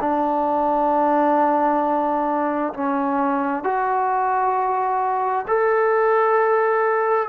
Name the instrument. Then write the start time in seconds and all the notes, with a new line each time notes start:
trombone
0.00 D4
2.73 C#4
3.63 F#4
5.48 A4